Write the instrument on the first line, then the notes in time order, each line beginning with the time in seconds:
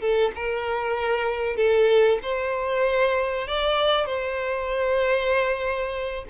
violin
0.00 A4
0.35 A#4
1.56 A4
2.22 C5
3.47 D5
4.06 C5